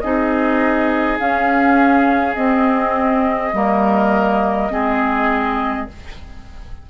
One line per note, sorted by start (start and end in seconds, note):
0.00 1.19 C4
0.00 1.20 D#4
0.00 3.55 G#4
0.00 1.18 D#5
1.19 2.36 C#4
1.19 2.35 F5
2.35 3.52 C4
2.35 3.54 C4
2.35 5.88 D#5
3.52 4.70 G3
3.52 4.70 A#3
3.52 4.72 A#4
4.70 5.88 G#3
4.70 5.88 C4
4.70 5.90 G#4